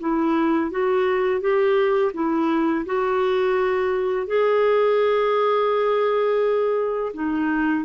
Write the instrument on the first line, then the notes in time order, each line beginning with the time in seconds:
clarinet
0.00 E4
0.71 F#4
1.41 G4
2.14 E4
2.86 F#4
4.27 G#4
7.14 D#4